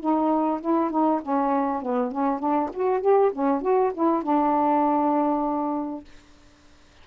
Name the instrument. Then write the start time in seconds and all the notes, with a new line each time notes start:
saxophone
0.00 D#4
0.61 E4
0.91 D#4
1.22 C#4
1.82 B3
2.12 C#4
2.39 D4
2.74 F#4
3.01 G4
3.33 C#4
3.62 F#4
3.94 E4
4.23 D4